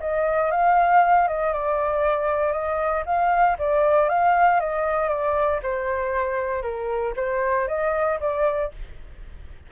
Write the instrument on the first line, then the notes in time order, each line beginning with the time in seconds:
flute
0.00 D#5
0.51 F5
1.28 D#5
1.53 D5
2.52 D#5
3.06 F5
3.59 D5
4.09 F5
4.60 D#5
5.09 D5
5.62 C5
6.62 A#4
7.16 C5
7.68 D#5
8.20 D5